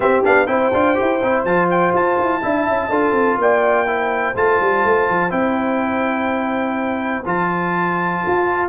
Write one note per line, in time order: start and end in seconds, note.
0.00 0.23 C4
0.00 0.24 C4
0.00 0.48 G4
0.00 0.24 E5
0.23 0.47 B3
0.23 0.47 D4
0.23 0.46 F5
0.46 0.72 C4
0.46 0.71 E4
0.46 2.42 C5
0.46 1.43 G5
0.73 0.97 D4
0.73 0.94 F4
0.94 1.23 E4
0.94 1.19 G4
1.23 1.44 C4
1.23 1.46 E4
1.44 1.92 F3
1.44 2.41 F4
1.44 1.69 A5
1.70 1.94 G5
1.93 2.17 F4
1.93 3.40 A5
2.18 2.42 E4
2.41 2.68 D4
2.41 2.90 E4
2.41 2.89 E5
2.68 2.89 C#4
2.89 3.12 D4
2.89 3.86 F4
2.89 3.38 A4
3.12 3.36 C4
3.38 4.34 A#3
3.38 3.88 D5
3.38 4.36 G5
3.86 4.34 E4
3.86 8.69 C5
4.35 4.59 A3
4.35 5.29 F4
4.35 5.31 A5
4.60 4.84 G3
4.84 5.08 A3
5.08 5.31 F3
5.29 7.24 C4
5.29 7.23 E4
5.29 7.24 G5
7.25 8.22 F3
7.25 8.69 F4
7.25 8.69 A5
8.27 8.69 F4